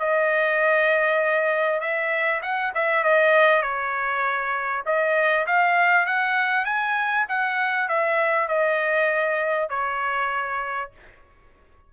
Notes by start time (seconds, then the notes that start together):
0.00 D#5
1.81 E5
2.43 F#5
2.75 E5
3.04 D#5
3.63 C#5
4.86 D#5
5.47 F5
6.07 F#5
6.66 G#5
7.29 F#5
7.89 E5
8.49 D#5
9.70 C#5